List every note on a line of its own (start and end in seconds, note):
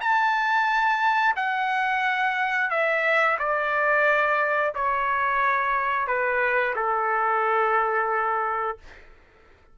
0.00 1.35 A5
1.35 2.70 F#5
2.70 3.37 E5
3.39 4.73 D5
4.74 6.07 C#5
6.07 6.74 B4
6.75 8.78 A4